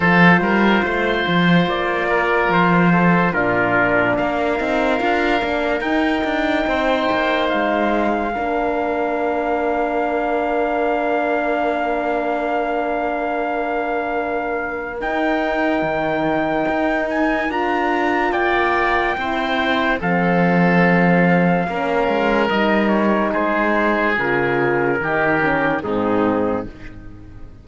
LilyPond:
<<
  \new Staff \with { instrumentName = "trumpet" } { \time 4/4 \tempo 4 = 72 c''2 d''4 c''4 | ais'4 f''2 g''4~ | g''4 f''2.~ | f''1~ |
f''2 g''2~ | g''8 gis''8 ais''4 g''2 | f''2. dis''8 cis''8 | c''4 ais'2 gis'4 | }
  \new Staff \with { instrumentName = "oboe" } { \time 4/4 a'8 ais'8 c''4. ais'4 a'8 | f'4 ais'2. | c''2 ais'2~ | ais'1~ |
ais'1~ | ais'2 d''4 c''4 | a'2 ais'2 | gis'2 g'4 dis'4 | }
  \new Staff \with { instrumentName = "horn" } { \time 4/4 f'1 | d'4. dis'8 f'8 d'8 dis'4~ | dis'2 d'2~ | d'1~ |
d'2 dis'2~ | dis'4 f'2 e'4 | c'2 cis'4 dis'4~ | dis'4 f'4 dis'8 cis'8 c'4 | }
  \new Staff \with { instrumentName = "cello" } { \time 4/4 f8 g8 a8 f8 ais4 f4 | ais,4 ais8 c'8 d'8 ais8 dis'8 d'8 | c'8 ais8 gis4 ais2~ | ais1~ |
ais2 dis'4 dis4 | dis'4 d'4 ais4 c'4 | f2 ais8 gis8 g4 | gis4 cis4 dis4 gis,4 | }
>>